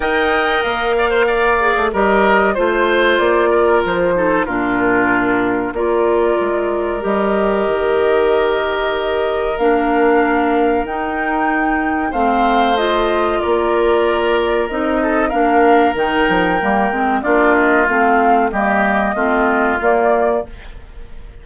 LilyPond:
<<
  \new Staff \with { instrumentName = "flute" } { \time 4/4 \tempo 4 = 94 g''4 f''2 dis''4 | c''4 d''4 c''4 ais'4~ | ais'4 d''2 dis''4~ | dis''2. f''4~ |
f''4 g''2 f''4 | dis''4 d''2 dis''4 | f''4 g''2 d''8 dis''8 | f''4 dis''2 d''4 | }
  \new Staff \with { instrumentName = "oboe" } { \time 4/4 dis''4. d''16 c''16 d''4 ais'4 | c''4. ais'4 a'8 f'4~ | f'4 ais'2.~ | ais'1~ |
ais'2. c''4~ | c''4 ais'2~ ais'8 a'8 | ais'2. f'4~ | f'4 g'4 f'2 | }
  \new Staff \with { instrumentName = "clarinet" } { \time 4/4 ais'2~ ais'8 gis'8 g'4 | f'2~ f'8 dis'8 d'4~ | d'4 f'2 g'4~ | g'2. d'4~ |
d'4 dis'2 c'4 | f'2. dis'4 | d'4 dis'4 ais8 c'8 d'4 | c'4 ais4 c'4 ais4 | }
  \new Staff \with { instrumentName = "bassoon" } { \time 4/4 dis'4 ais4.~ ais16 a16 g4 | a4 ais4 f4 ais,4~ | ais,4 ais4 gis4 g4 | dis2. ais4~ |
ais4 dis'2 a4~ | a4 ais2 c'4 | ais4 dis8 f8 g8 gis8 ais4 | a4 g4 a4 ais4 | }
>>